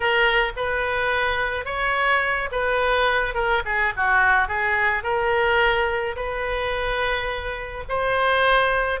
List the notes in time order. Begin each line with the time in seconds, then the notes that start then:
0.00 A#4
0.56 B4
1.65 C#5
2.51 B4
3.34 A#4
3.65 G#4
3.96 F#4
4.48 G#4
5.03 A#4
6.15 B4
7.89 C5